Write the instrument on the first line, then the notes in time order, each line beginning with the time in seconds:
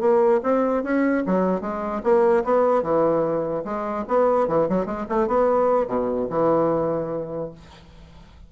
bassoon
0.00 A#3
0.43 C4
0.83 C#4
1.26 F#3
1.61 G#3
2.03 A#3
2.44 B3
2.82 E3
3.64 G#3
4.08 B3
4.48 E3
4.69 F#3
4.86 G#3
5.09 A3
5.27 B3
5.87 B2
6.29 E3